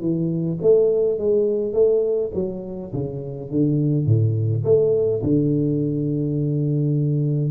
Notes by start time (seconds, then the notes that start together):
0.00 E3
0.62 A3
1.18 G#3
1.73 A3
2.34 F#3
2.93 C#3
3.50 D3
4.06 A2
4.64 A3
5.23 D3